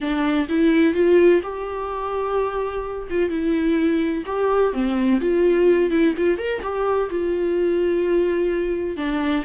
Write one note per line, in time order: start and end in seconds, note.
0.00 0.47 D4
0.49 0.94 E4
0.94 1.41 F4
1.42 3.08 G4
3.10 3.29 F4
3.29 4.23 E4
4.26 4.73 G4
4.73 5.20 C4
5.21 5.90 F4
5.90 6.14 E4
6.17 6.38 F4
6.38 6.61 A#4
6.62 7.09 G4
7.10 8.97 F4
8.97 9.44 D4